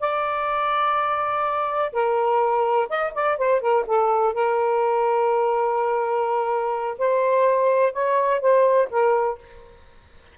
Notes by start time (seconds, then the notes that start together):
0.00 D5
1.92 A#4
2.89 D#5
3.14 D5
3.38 C5
3.61 A#4
3.87 A4
4.34 A#4
6.98 C5
7.93 C#5
8.41 C5
8.90 A#4